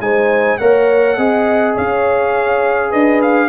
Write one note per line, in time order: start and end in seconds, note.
0.00 0.58 G#3
0.00 0.59 D#4
0.00 0.59 C5
0.00 0.58 G#5
0.58 1.17 A#3
0.58 1.17 A#4
0.58 1.17 C#5
0.58 1.74 F#5
1.17 1.76 C4
1.17 3.49 G#4
1.17 1.75 D#5
1.75 2.93 C#4
1.75 2.90 C#5
1.75 2.92 F5
2.90 3.49 D4
2.90 3.48 B4
2.90 3.21 D#5
3.22 3.49 F5